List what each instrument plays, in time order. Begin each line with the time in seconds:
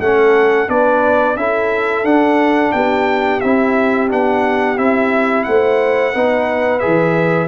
0.00 tuba A3, trombone C#4, horn A4, trumpet F#5
0.68 tuba B3, trombone D4, horn B4, trumpet D5
1.36 tuba C#4, trombone E4, horn A4, trumpet E5
2.03 tuba D4, trombone D4, trumpet F#5
2.72 tuba B3, horn G4, trumpet G5
3.40 tuba C4, trombone E4, trumpet E5
4.09 tuba B3, trombone D4, trumpet F#5
4.77 tuba C4, trombone E4, trumpet E5
5.43 tuba A3, horn C5, trumpet F#5
6.13 tuba B3, trombone D#4, horn B4
6.79 trombone G#4, trumpet E5
6.86 tuba E3